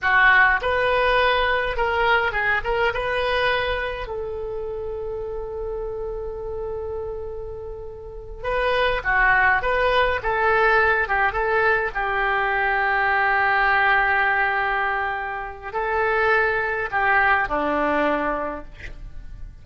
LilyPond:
\new Staff \with { instrumentName = "oboe" } { \time 4/4 \tempo 4 = 103 fis'4 b'2 ais'4 | gis'8 ais'8 b'2 a'4~ | a'1~ | a'2~ a'8 b'4 fis'8~ |
fis'8 b'4 a'4. g'8 a'8~ | a'8 g'2.~ g'8~ | g'2. a'4~ | a'4 g'4 d'2 | }